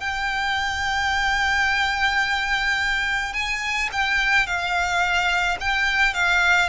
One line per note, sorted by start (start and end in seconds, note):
0.00 3.33 G5
3.33 3.89 G#5
3.92 4.46 G5
4.46 5.58 F5
5.60 6.14 G5
6.14 6.69 F5